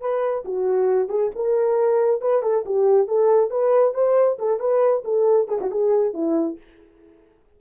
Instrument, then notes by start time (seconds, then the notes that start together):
horn
0.00 B4
0.44 F#4
1.08 G#4
1.35 A#4
2.21 B4
2.42 A4
2.65 G4
3.07 A4
3.50 B4
3.94 C5
4.39 A4
4.59 B4
5.04 A4
5.48 G#4
5.60 F#4
5.71 G#4
6.14 E4